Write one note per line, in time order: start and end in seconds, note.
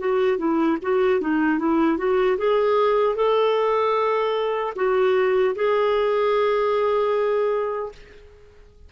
0.00 0.38 F#4
0.38 0.78 E4
0.82 1.21 F#4
1.21 1.59 D#4
1.59 1.98 E4
1.98 2.37 F#4
2.38 3.16 G#4
3.16 4.74 A4
4.76 5.55 F#4
5.55 7.92 G#4